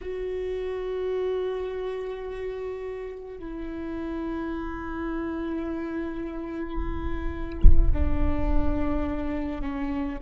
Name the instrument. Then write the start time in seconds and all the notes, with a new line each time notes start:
viola
0.01 F#4
3.38 E4
7.93 D4
9.61 C#4